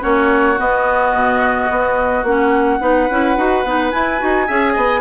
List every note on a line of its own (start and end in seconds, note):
0.00 0.59 A#3
0.00 0.56 C#4
0.00 2.79 F#4
0.00 0.58 C#5
0.57 2.24 B3
0.57 1.13 B3
0.57 2.25 D#5
1.13 1.69 B2
1.70 2.23 B3
2.23 2.78 A#3
2.23 2.80 C#4
2.23 3.91 F#5
2.80 3.08 B3
2.80 3.08 D#4
2.80 4.46 B4
3.10 3.36 C#4
3.10 3.37 E4
3.36 3.64 D#4
3.36 3.64 F#4
3.64 3.91 B3
3.64 3.91 D#4
3.91 4.19 E4
3.91 4.21 E4
3.91 5.00 G#5
4.19 4.49 D#4
4.19 4.47 F#4
4.46 4.76 C#4
4.46 5.00 G#4
4.46 4.73 E5
4.73 5.00 B3
4.73 5.00 D#5